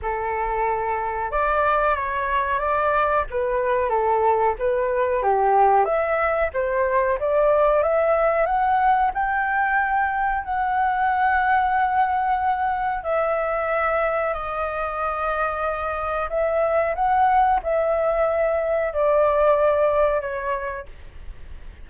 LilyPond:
\new Staff \with { instrumentName = "flute" } { \time 4/4 \tempo 4 = 92 a'2 d''4 cis''4 | d''4 b'4 a'4 b'4 | g'4 e''4 c''4 d''4 | e''4 fis''4 g''2 |
fis''1 | e''2 dis''2~ | dis''4 e''4 fis''4 e''4~ | e''4 d''2 cis''4 | }